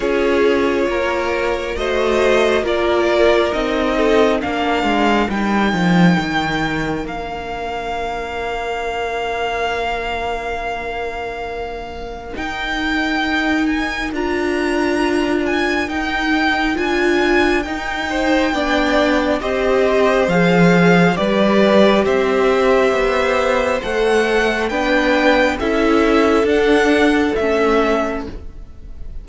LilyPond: <<
  \new Staff \with { instrumentName = "violin" } { \time 4/4 \tempo 4 = 68 cis''2 dis''4 d''4 | dis''4 f''4 g''2 | f''1~ | f''2 g''4. gis''8 |
ais''4. gis''8 g''4 gis''4 | g''2 dis''4 f''4 | d''4 e''2 fis''4 | g''4 e''4 fis''4 e''4 | }
  \new Staff \with { instrumentName = "violin" } { \time 4/4 gis'4 ais'4 c''4 ais'4~ | ais'8 a'8 ais'2.~ | ais'1~ | ais'1~ |
ais'1~ | ais'8 c''8 d''4 c''2 | b'4 c''2. | b'4 a'2. | }
  \new Staff \with { instrumentName = "viola" } { \time 4/4 f'2 fis'4 f'4 | dis'4 d'4 dis'2 | d'1~ | d'2 dis'2 |
f'2 dis'4 f'4 | dis'4 d'4 g'4 gis'4 | g'2. a'4 | d'4 e'4 d'4 cis'4 | }
  \new Staff \with { instrumentName = "cello" } { \time 4/4 cis'4 ais4 a4 ais4 | c'4 ais8 gis8 g8 f8 dis4 | ais1~ | ais2 dis'2 |
d'2 dis'4 d'4 | dis'4 b4 c'4 f4 | g4 c'4 b4 a4 | b4 cis'4 d'4 a4 | }
>>